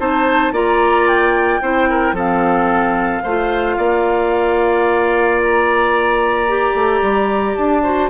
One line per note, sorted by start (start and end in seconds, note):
0.00 0.52 C4
0.00 0.53 D#4
0.00 0.53 C5
0.00 0.54 A5
0.52 1.61 A#3
0.52 1.62 F4
0.52 1.61 D5
0.52 1.08 A#5
1.08 2.16 G5
1.62 2.13 C4
1.62 2.15 E4
1.62 1.89 C5
1.90 2.15 A#4
2.13 3.21 F3
2.13 3.24 C4
2.13 3.23 A4
2.13 5.43 F5
3.23 3.78 A3
3.23 6.49 F4
3.23 3.77 C5
3.78 6.75 A#3
3.78 7.83 D5
5.43 7.55 A#5
6.49 7.84 G4
6.75 7.02 A3
7.02 7.56 G3
7.55 8.10 D4
7.55 8.09 A5
7.84 8.10 F#4
7.84 8.10 C5